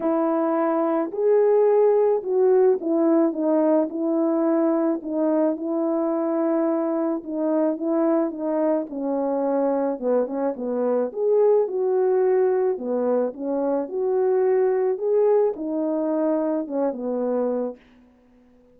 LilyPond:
\new Staff \with { instrumentName = "horn" } { \time 4/4 \tempo 4 = 108 e'2 gis'2 | fis'4 e'4 dis'4 e'4~ | e'4 dis'4 e'2~ | e'4 dis'4 e'4 dis'4 |
cis'2 b8 cis'8 b4 | gis'4 fis'2 b4 | cis'4 fis'2 gis'4 | dis'2 cis'8 b4. | }